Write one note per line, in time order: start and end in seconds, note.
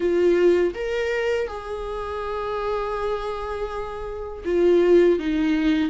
0.00 0.73 F4
0.74 1.47 A#4
1.47 4.44 G#4
4.44 5.19 F4
5.19 5.89 D#4